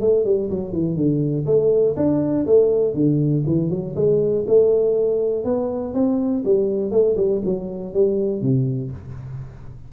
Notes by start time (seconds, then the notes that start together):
0.00 A3
0.25 G3
0.50 F#3
0.72 E3
0.96 D3
1.46 A3
1.96 D4
2.46 A3
2.94 D3
3.46 E3
3.70 F#3
3.95 G#3
4.47 A3
5.44 B3
5.94 C4
6.45 G3
6.91 A3
7.17 G3
7.45 F#3
7.93 G3
8.41 C3